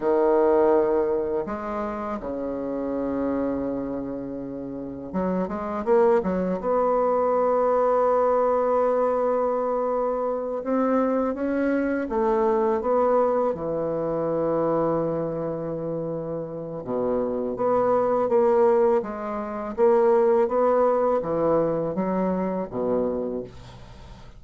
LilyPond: \new Staff \with { instrumentName = "bassoon" } { \time 4/4 \tempo 4 = 82 dis2 gis4 cis4~ | cis2. fis8 gis8 | ais8 fis8 b2.~ | b2~ b8 c'4 cis'8~ |
cis'8 a4 b4 e4.~ | e2. b,4 | b4 ais4 gis4 ais4 | b4 e4 fis4 b,4 | }